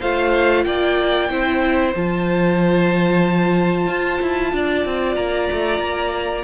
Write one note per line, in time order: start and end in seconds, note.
0.00 0.65 A3
0.00 1.30 F4
0.00 0.65 C5
0.00 0.64 F5
0.64 1.29 A#3
0.64 1.30 D5
0.64 1.93 G5
1.29 1.94 C4
1.29 1.94 E4
1.29 4.52 C5
1.95 3.88 F3
1.95 6.44 F4
1.95 5.16 A5
3.88 4.20 F4
4.22 4.53 E4
4.53 4.85 D4
4.53 6.44 D5
4.85 5.16 C4
5.16 5.49 A#3
5.16 6.44 A#5
5.52 5.79 A3
5.79 6.44 A#3